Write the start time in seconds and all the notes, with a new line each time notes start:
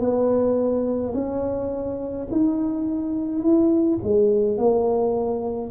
0.00 B3
1.14 C#4
2.31 D#4
3.42 E4
4.03 G#3
4.57 A#3